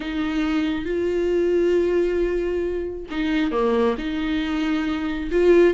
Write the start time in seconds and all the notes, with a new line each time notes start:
0.00 D#4
0.85 F4
3.11 D#4
3.51 A#3
3.98 D#4
5.31 F4